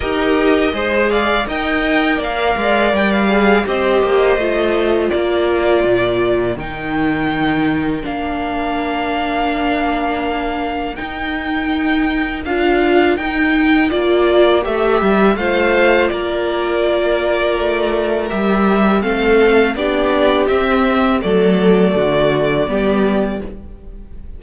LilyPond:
<<
  \new Staff \with { instrumentName = "violin" } { \time 4/4 \tempo 4 = 82 dis''4. f''8 g''4 f''4 | g''16 f''8. dis''2 d''4~ | d''4 g''2 f''4~ | f''2. g''4~ |
g''4 f''4 g''4 d''4 | e''4 f''4 d''2~ | d''4 e''4 f''4 d''4 | e''4 d''2. | }
  \new Staff \with { instrumentName = "violin" } { \time 4/4 ais'4 c''8 d''8 dis''4 d''4~ | d''4 c''2 ais'4~ | ais'1~ | ais'1~ |
ais'1~ | ais'4 c''4 ais'2~ | ais'2 a'4 g'4~ | g'4 a'4 fis'4 g'4 | }
  \new Staff \with { instrumentName = "viola" } { \time 4/4 g'4 gis'4 ais'2~ | ais'8 gis'8 g'4 f'2~ | f'4 dis'2 d'4~ | d'2. dis'4~ |
dis'4 f'4 dis'4 f'4 | g'4 f'2.~ | f'4 g'4 c'4 d'4 | c'4 a2 b4 | }
  \new Staff \with { instrumentName = "cello" } { \time 4/4 dis'4 gis4 dis'4 ais8 gis8 | g4 c'8 ais8 a4 ais4 | ais,4 dis2 ais4~ | ais2. dis'4~ |
dis'4 d'4 dis'4 ais4 | a8 g8 a4 ais2 | a4 g4 a4 b4 | c'4 fis4 d4 g4 | }
>>